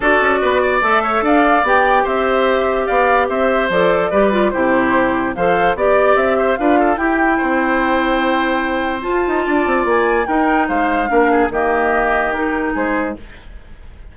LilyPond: <<
  \new Staff \with { instrumentName = "flute" } { \time 4/4 \tempo 4 = 146 d''2 e''4 f''4 | g''4 e''2 f''4 | e''4 d''2 c''4~ | c''4 f''4 d''4 e''4 |
f''4 g''2.~ | g''2 a''2 | gis''4 g''4 f''2 | dis''2 ais'4 c''4 | }
  \new Staff \with { instrumentName = "oboe" } { \time 4/4 a'4 b'8 d''4 cis''8 d''4~ | d''4 c''2 d''4 | c''2 b'4 g'4~ | g'4 c''4 d''4. c''8 |
b'8 a'8 g'4 c''2~ | c''2. d''4~ | d''4 ais'4 c''4 ais'8 gis'8 | g'2. gis'4 | }
  \new Staff \with { instrumentName = "clarinet" } { \time 4/4 fis'2 a'2 | g'1~ | g'4 a'4 g'8 f'8 e'4~ | e'4 a'4 g'2 |
f'4 e'2.~ | e'2 f'2~ | f'4 dis'2 d'4 | ais2 dis'2 | }
  \new Staff \with { instrumentName = "bassoon" } { \time 4/4 d'8 cis'8 b4 a4 d'4 | b4 c'2 b4 | c'4 f4 g4 c4~ | c4 f4 b4 c'4 |
d'4 e'4 c'2~ | c'2 f'8 dis'8 d'8 c'8 | ais4 dis'4 gis4 ais4 | dis2. gis4 | }
>>